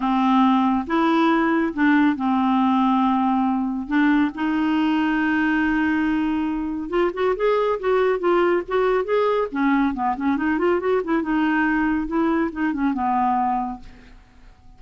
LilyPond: \new Staff \with { instrumentName = "clarinet" } { \time 4/4 \tempo 4 = 139 c'2 e'2 | d'4 c'2.~ | c'4 d'4 dis'2~ | dis'1 |
f'8 fis'8 gis'4 fis'4 f'4 | fis'4 gis'4 cis'4 b8 cis'8 | dis'8 f'8 fis'8 e'8 dis'2 | e'4 dis'8 cis'8 b2 | }